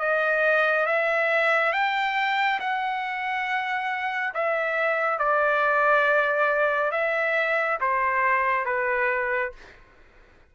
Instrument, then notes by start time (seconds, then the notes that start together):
trumpet
0.00 D#5
0.87 E5
1.73 G5
2.60 F#5
4.35 E5
5.19 D5
6.92 E5
7.81 C5
8.66 B4